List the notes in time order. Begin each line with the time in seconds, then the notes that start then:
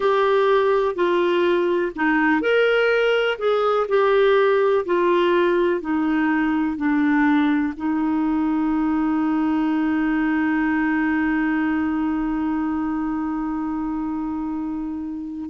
0.00 G4
0.95 F4
1.95 D#4
2.41 A#4
3.38 G#4
3.88 G4
4.85 F4
5.80 D#4
6.77 D4
7.76 D#4